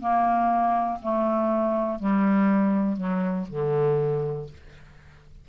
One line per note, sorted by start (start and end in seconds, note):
0.00 0.99 A#3
1.02 1.99 A3
1.99 2.96 G3
2.96 3.46 F#3
3.49 4.48 D3